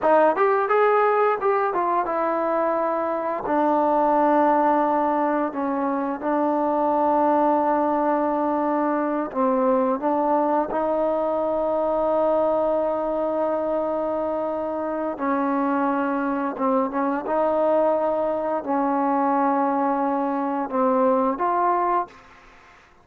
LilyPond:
\new Staff \with { instrumentName = "trombone" } { \time 4/4 \tempo 4 = 87 dis'8 g'8 gis'4 g'8 f'8 e'4~ | e'4 d'2. | cis'4 d'2.~ | d'4. c'4 d'4 dis'8~ |
dis'1~ | dis'2 cis'2 | c'8 cis'8 dis'2 cis'4~ | cis'2 c'4 f'4 | }